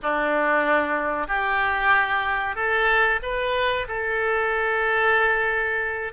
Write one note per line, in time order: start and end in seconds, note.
0.02 1.27 D4
1.27 2.55 G4
2.55 3.20 A4
3.22 3.87 B4
3.88 6.12 A4